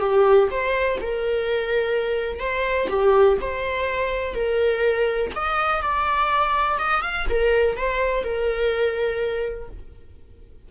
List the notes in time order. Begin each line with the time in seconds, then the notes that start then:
0.00 G4
0.51 C5
1.01 A#4
2.39 C5
2.89 G4
3.41 C5
4.34 A#4
5.35 D#5
5.81 D5
6.78 D#5
7.02 F5
7.29 A#4
7.76 C5
8.23 A#4